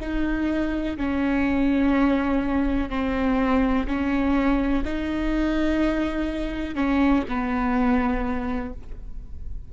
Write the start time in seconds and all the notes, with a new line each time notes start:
0.00 D#4
0.97 C#4
2.90 C4
3.87 C#4
4.85 D#4
6.75 C#4
7.28 B3